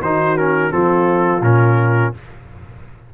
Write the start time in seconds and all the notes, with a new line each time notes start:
0.00 D#3 D#4 F#4 C5
0.37 C#4 A#4
0.70 F3 C4 F4 A4
1.41 A#2 C#4 A#4